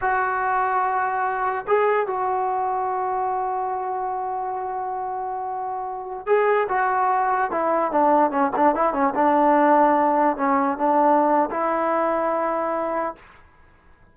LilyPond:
\new Staff \with { instrumentName = "trombone" } { \time 4/4 \tempo 4 = 146 fis'1 | gis'4 fis'2.~ | fis'1~ | fis'2.~ fis'16 gis'8.~ |
gis'16 fis'2 e'4 d'8.~ | d'16 cis'8 d'8 e'8 cis'8 d'4.~ d'16~ | d'4~ d'16 cis'4 d'4.~ d'16 | e'1 | }